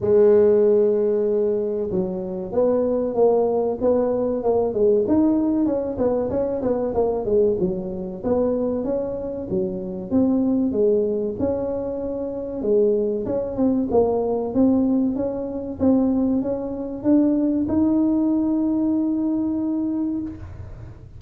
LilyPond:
\new Staff \with { instrumentName = "tuba" } { \time 4/4 \tempo 4 = 95 gis2. fis4 | b4 ais4 b4 ais8 gis8 | dis'4 cis'8 b8 cis'8 b8 ais8 gis8 | fis4 b4 cis'4 fis4 |
c'4 gis4 cis'2 | gis4 cis'8 c'8 ais4 c'4 | cis'4 c'4 cis'4 d'4 | dis'1 | }